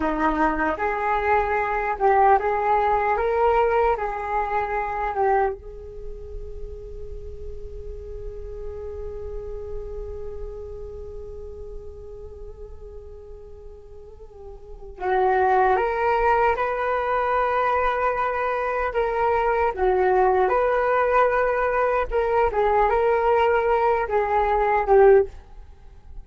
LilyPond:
\new Staff \with { instrumentName = "flute" } { \time 4/4 \tempo 4 = 76 dis'4 gis'4. g'8 gis'4 | ais'4 gis'4. g'8 gis'4~ | gis'1~ | gis'1~ |
gis'2. fis'4 | ais'4 b'2. | ais'4 fis'4 b'2 | ais'8 gis'8 ais'4. gis'4 g'8 | }